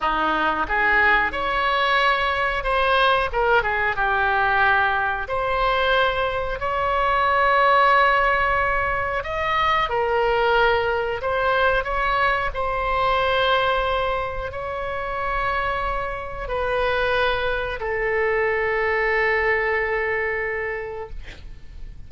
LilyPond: \new Staff \with { instrumentName = "oboe" } { \time 4/4 \tempo 4 = 91 dis'4 gis'4 cis''2 | c''4 ais'8 gis'8 g'2 | c''2 cis''2~ | cis''2 dis''4 ais'4~ |
ais'4 c''4 cis''4 c''4~ | c''2 cis''2~ | cis''4 b'2 a'4~ | a'1 | }